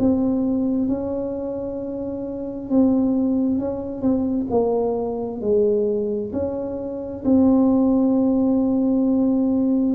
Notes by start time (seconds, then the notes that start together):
0.00 C4
0.88 C#4
2.70 C4
3.60 C#4
4.02 C4
4.51 A#3
5.41 G#3
6.33 C#4
7.25 C4